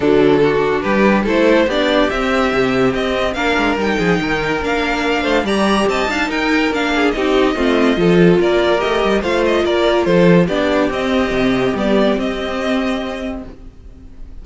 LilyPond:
<<
  \new Staff \with { instrumentName = "violin" } { \time 4/4 \tempo 4 = 143 a'2 b'4 c''4 | d''4 e''2 dis''4 | f''4 g''2 f''4~ | f''4 ais''4 a''4 g''4 |
f''4 dis''2. | d''4 dis''4 f''8 dis''8 d''4 | c''4 d''4 dis''2 | d''4 dis''2. | }
  \new Staff \with { instrumentName = "violin" } { \time 4/4 d'4 fis'4 g'4 a'4 | g'1 | ais'4. gis'8 ais'2~ | ais'8 c''8 d''4 dis''8 f''8 ais'4~ |
ais'8 gis'8 g'4 f'4 a'4 | ais'2 c''4 ais'4 | a'4 g'2.~ | g'1 | }
  \new Staff \with { instrumentName = "viola" } { \time 4/4 fis4 d'2 e'4 | d'4 c'2. | d'4 dis'2 d'4~ | d'4 g'4. dis'4. |
d'4 dis'4 c'4 f'4~ | f'4 g'4 f'2~ | f'4 d'4 c'2 | b4 c'2. | }
  \new Staff \with { instrumentName = "cello" } { \time 4/4 d2 g4 a4 | b4 c'4 c4 c'4 | ais8 gis8 g8 f8 dis4 ais4~ | ais8 a8 g4 c'8 d'8 dis'4 |
ais4 c'4 a4 f4 | ais4 a8 g8 a4 ais4 | f4 b4 c'4 c4 | g4 c'2. | }
>>